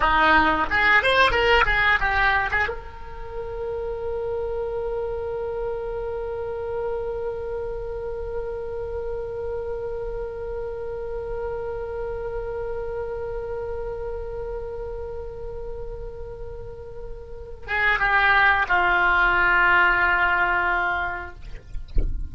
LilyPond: \new Staff \with { instrumentName = "oboe" } { \time 4/4 \tempo 4 = 90 dis'4 gis'8 c''8 ais'8 gis'8 g'8. gis'16 | ais'1~ | ais'1~ | ais'1~ |
ais'1~ | ais'1~ | ais'2~ ais'8 gis'8 g'4 | f'1 | }